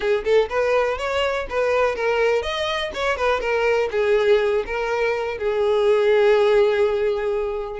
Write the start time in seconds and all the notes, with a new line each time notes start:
0.00 G#4
0.24 A4
0.49 B4
0.98 C#5
1.49 B4
1.95 A#4
2.42 D#5
2.94 C#5
3.16 B4
3.40 A#4
3.91 G#4
4.66 A#4
5.38 G#4